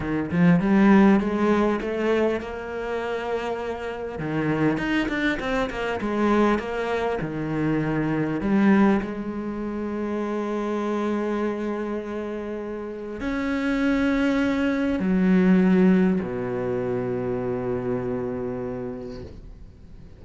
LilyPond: \new Staff \with { instrumentName = "cello" } { \time 4/4 \tempo 4 = 100 dis8 f8 g4 gis4 a4 | ais2. dis4 | dis'8 d'8 c'8 ais8 gis4 ais4 | dis2 g4 gis4~ |
gis1~ | gis2 cis'2~ | cis'4 fis2 b,4~ | b,1 | }